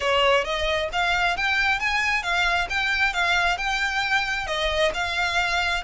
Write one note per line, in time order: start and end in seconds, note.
0.00 0.44 C#5
0.44 0.89 D#5
0.92 1.36 F5
1.36 1.79 G5
1.79 2.22 G#5
2.22 2.67 F5
2.69 3.13 G5
3.13 3.57 F5
3.57 4.46 G5
4.46 4.91 D#5
4.94 5.83 F5